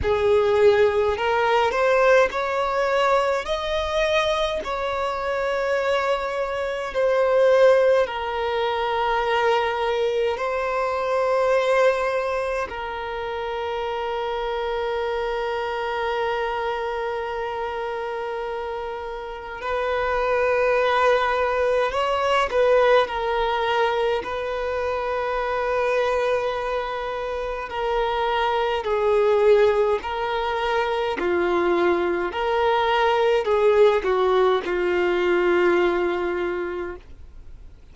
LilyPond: \new Staff \with { instrumentName = "violin" } { \time 4/4 \tempo 4 = 52 gis'4 ais'8 c''8 cis''4 dis''4 | cis''2 c''4 ais'4~ | ais'4 c''2 ais'4~ | ais'1~ |
ais'4 b'2 cis''8 b'8 | ais'4 b'2. | ais'4 gis'4 ais'4 f'4 | ais'4 gis'8 fis'8 f'2 | }